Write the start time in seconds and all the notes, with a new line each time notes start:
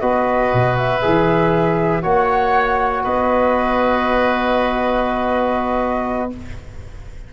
0.00 B3 F#4 B4 D#5
0.53 B2
0.77 E5
1.01 E3 G#4
2.02 A#3 F#4 C#5 F#5
3.03 B3 B4 D#5